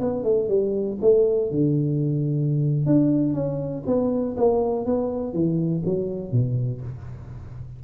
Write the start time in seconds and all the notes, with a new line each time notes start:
0.00 B3
0.23 A3
0.48 G3
1.01 A3
1.51 D3
2.86 D4
3.34 C#4
3.87 B3
4.37 A#3
4.86 B3
5.33 E3
5.85 F#3
6.32 B2